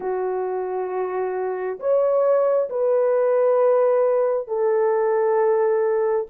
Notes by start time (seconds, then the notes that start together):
0.00 F#4
1.79 C#5
2.69 B4
4.47 A4